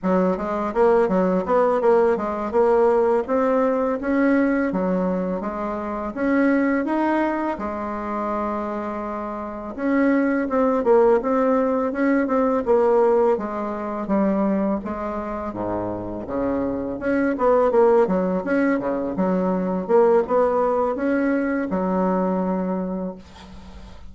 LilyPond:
\new Staff \with { instrumentName = "bassoon" } { \time 4/4 \tempo 4 = 83 fis8 gis8 ais8 fis8 b8 ais8 gis8 ais8~ | ais8 c'4 cis'4 fis4 gis8~ | gis8 cis'4 dis'4 gis4.~ | gis4. cis'4 c'8 ais8 c'8~ |
c'8 cis'8 c'8 ais4 gis4 g8~ | g8 gis4 gis,4 cis4 cis'8 | b8 ais8 fis8 cis'8 cis8 fis4 ais8 | b4 cis'4 fis2 | }